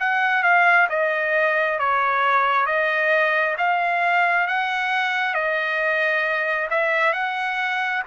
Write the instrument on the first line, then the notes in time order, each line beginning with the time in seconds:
trumpet
0.00 F#5
0.43 F5
0.90 D#5
1.79 C#5
2.67 D#5
3.58 F5
4.47 F#5
5.34 D#5
6.70 E5
7.13 F#5